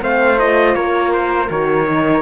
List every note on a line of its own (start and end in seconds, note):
0.00 0.75 A3
0.00 0.37 C4
0.00 0.76 C5
0.00 0.39 F5
0.37 1.47 F4
0.37 0.74 D#5
0.74 1.49 A#3
0.74 2.21 A#4
0.74 1.11 C#5
1.13 1.49 C5
1.49 2.21 D#3
1.49 1.86 F#4
1.49 2.21 C#5
1.86 2.21 D#4